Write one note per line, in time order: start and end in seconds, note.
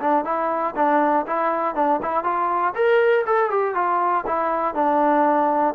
0.00 0.24 D4
0.24 0.74 E4
0.75 1.25 D4
1.26 1.75 E4
1.75 2.00 D4
2.02 2.23 E4
2.23 2.73 F4
2.75 3.25 A#4
3.26 3.50 A4
3.50 3.75 G4
3.75 4.25 F4
4.26 4.74 E4
4.74 5.74 D4